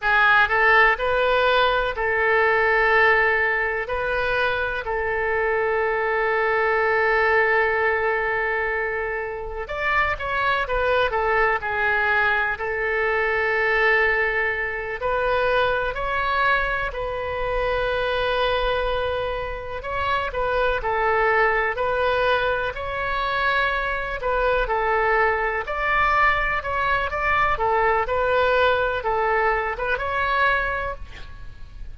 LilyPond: \new Staff \with { instrumentName = "oboe" } { \time 4/4 \tempo 4 = 62 gis'8 a'8 b'4 a'2 | b'4 a'2.~ | a'2 d''8 cis''8 b'8 a'8 | gis'4 a'2~ a'8 b'8~ |
b'8 cis''4 b'2~ b'8~ | b'8 cis''8 b'8 a'4 b'4 cis''8~ | cis''4 b'8 a'4 d''4 cis''8 | d''8 a'8 b'4 a'8. b'16 cis''4 | }